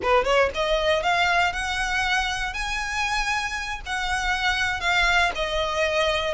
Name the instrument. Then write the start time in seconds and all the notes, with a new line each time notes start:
violin
0.02 B4
0.24 C#5
0.54 D#5
1.02 F5
1.53 F#5
2.53 G#5
3.86 F#5
4.80 F5
5.35 D#5